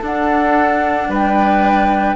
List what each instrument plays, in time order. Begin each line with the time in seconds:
0.00 bassoon D4, cello D4, oboe A4, flute F#5
1.08 bassoon G3, oboe B4, flute G5